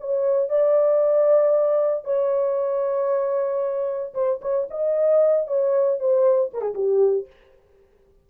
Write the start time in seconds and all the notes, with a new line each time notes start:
0.00 C#5
0.49 D5
2.04 C#5
4.14 C5
4.42 C#5
4.71 D#5
5.47 C#5
5.99 C5
6.53 A#4
6.61 G#4
6.74 G4